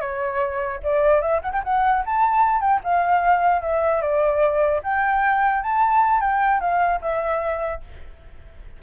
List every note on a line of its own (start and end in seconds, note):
0.00 0.80 C#5
0.83 1.21 D5
1.21 1.41 E5
1.42 1.52 F#5
1.52 1.62 G5
1.64 2.04 F#5
2.05 2.60 A5
2.60 2.80 G5
2.83 3.61 F5
3.61 4.01 E5
4.01 4.81 D5
4.83 5.63 G5
5.63 6.20 A5
6.20 6.60 G5
6.60 7.00 F5
7.01 7.81 E5